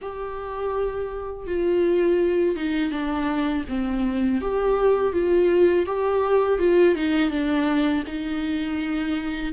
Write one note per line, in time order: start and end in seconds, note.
0.01 1.46 G4
1.46 2.56 F4
2.56 2.91 D#4
2.91 3.64 D4
3.68 4.41 C4
4.41 5.13 G4
5.13 5.86 F4
5.86 6.59 G4
6.59 6.95 F4
6.95 7.30 D#4
7.30 8.03 D4
8.07 9.52 D#4